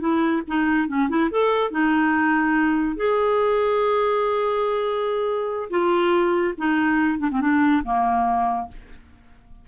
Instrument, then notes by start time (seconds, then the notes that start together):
clarinet
0.00 E4
0.48 D#4
0.88 C#4
1.09 E4
1.31 A4
1.71 D#4
2.96 G#4
5.70 F4
6.57 D#4
7.19 D4
7.31 C4
7.41 D4
7.84 A#3